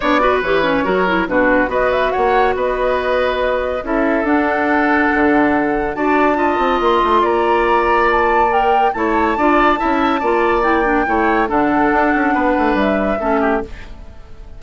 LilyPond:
<<
  \new Staff \with { instrumentName = "flute" } { \time 4/4 \tempo 4 = 141 d''4 cis''2 b'4 | dis''8 e''8 fis''4 dis''2~ | dis''4 e''4 fis''2~ | fis''2 a''2 |
c'''4 ais''2 a''4 | g''4 a''2.~ | a''4 g''2 fis''4~ | fis''2 e''2 | }
  \new Staff \with { instrumentName = "oboe" } { \time 4/4 cis''8 b'4. ais'4 fis'4 | b'4 cis''4 b'2~ | b'4 a'2.~ | a'2 d''4 dis''4~ |
dis''4 d''2.~ | d''4 cis''4 d''4 e''4 | d''2 cis''4 a'4~ | a'4 b'2 a'8 g'8 | }
  \new Staff \with { instrumentName = "clarinet" } { \time 4/4 d'8 fis'8 g'8 cis'8 fis'8 e'8 d'4 | fis'1~ | fis'4 e'4 d'2~ | d'2 fis'4 f'4~ |
f'1 | ais'4 e'4 f'4 e'4 | f'4 e'8 d'8 e'4 d'4~ | d'2. cis'4 | }
  \new Staff \with { instrumentName = "bassoon" } { \time 4/4 b4 e4 fis4 b,4 | b4 ais4 b2~ | b4 cis'4 d'2 | d2 d'4. c'8 |
ais8 a8 ais2.~ | ais4 a4 d'4 cis'4 | ais2 a4 d4 | d'8 cis'8 b8 a8 g4 a4 | }
>>